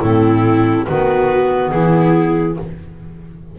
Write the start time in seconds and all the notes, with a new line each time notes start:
0.00 A2 C4 E4 A4
0.86 D#3 B3 F#4 B4
1.70 E3 E4 G#4